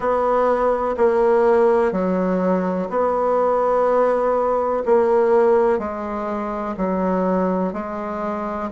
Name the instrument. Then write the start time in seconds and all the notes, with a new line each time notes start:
bassoon
0.00 B3
0.97 A#3
1.92 F#3
2.89 B3
4.85 A#3
5.78 G#3
6.77 F#3
7.73 G#3